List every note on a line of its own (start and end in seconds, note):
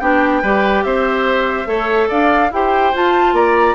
0.00 0.43 B3
0.00 0.43 D4
0.00 0.42 G4
0.00 0.83 G5
0.42 0.84 G3
0.42 1.66 G4
0.42 0.84 B4
0.83 1.66 C4
0.83 1.68 C5
0.83 2.09 E5
1.66 2.08 A3
1.66 2.50 A4
1.66 2.09 C#5
2.09 2.51 D4
2.09 2.51 D5
2.09 2.52 F5
2.51 2.93 E4
2.51 2.94 G4
2.51 3.34 C5
2.51 2.95 G5
2.94 3.75 F4
2.94 3.33 F4
2.94 3.35 A5
3.33 3.75 A#3
3.33 3.75 D5
3.33 3.75 A#5